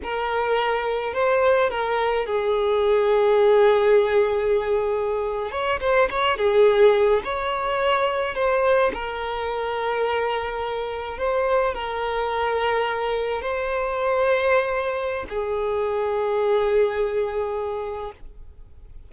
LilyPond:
\new Staff \with { instrumentName = "violin" } { \time 4/4 \tempo 4 = 106 ais'2 c''4 ais'4 | gis'1~ | gis'4.~ gis'16 cis''8 c''8 cis''8 gis'8.~ | gis'8. cis''2 c''4 ais'16~ |
ais'2.~ ais'8. c''16~ | c''8. ais'2. c''16~ | c''2. gis'4~ | gis'1 | }